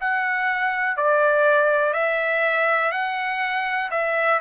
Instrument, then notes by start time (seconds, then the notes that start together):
trumpet
0.00 F#5
0.97 D5
1.93 E5
2.92 F#5
3.91 E5